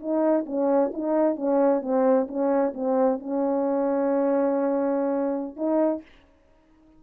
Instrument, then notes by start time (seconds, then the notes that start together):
horn
0.00 D#4
0.46 C#4
0.94 D#4
1.36 C#4
1.82 C4
2.28 C#4
2.74 C4
3.20 C#4
5.57 D#4